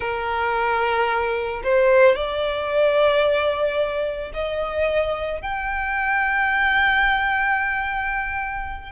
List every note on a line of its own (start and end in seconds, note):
0.00 1.62 A#4
1.63 2.15 C5
2.15 4.31 D5
4.33 5.41 D#5
5.41 8.91 G5